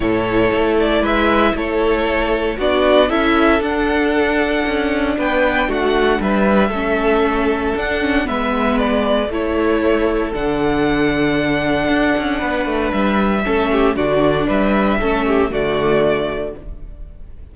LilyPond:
<<
  \new Staff \with { instrumentName = "violin" } { \time 4/4 \tempo 4 = 116 cis''4. d''8 e''4 cis''4~ | cis''4 d''4 e''4 fis''4~ | fis''2 g''4 fis''4 | e''2. fis''4 |
e''4 d''4 cis''2 | fis''1~ | fis''4 e''2 d''4 | e''2 d''2 | }
  \new Staff \with { instrumentName = "violin" } { \time 4/4 a'2 b'4 a'4~ | a'4 fis'4 a'2~ | a'2 b'4 fis'4 | b'4 a'2. |
b'2 a'2~ | a'1 | b'2 a'8 g'8 fis'4 | b'4 a'8 g'8 fis'2 | }
  \new Staff \with { instrumentName = "viola" } { \time 4/4 e'1~ | e'4 d'4 e'4 d'4~ | d'1~ | d'4 cis'2 d'8 cis'8 |
b2 e'2 | d'1~ | d'2 cis'4 d'4~ | d'4 cis'4 a2 | }
  \new Staff \with { instrumentName = "cello" } { \time 4/4 a,4 a4 gis4 a4~ | a4 b4 cis'4 d'4~ | d'4 cis'4 b4 a4 | g4 a2 d'4 |
gis2 a2 | d2. d'8 cis'8 | b8 a8 g4 a4 d4 | g4 a4 d2 | }
>>